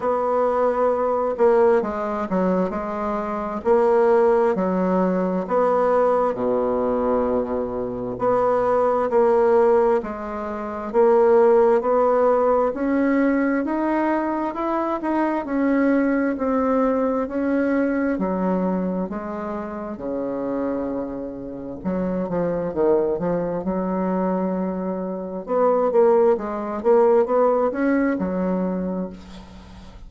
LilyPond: \new Staff \with { instrumentName = "bassoon" } { \time 4/4 \tempo 4 = 66 b4. ais8 gis8 fis8 gis4 | ais4 fis4 b4 b,4~ | b,4 b4 ais4 gis4 | ais4 b4 cis'4 dis'4 |
e'8 dis'8 cis'4 c'4 cis'4 | fis4 gis4 cis2 | fis8 f8 dis8 f8 fis2 | b8 ais8 gis8 ais8 b8 cis'8 fis4 | }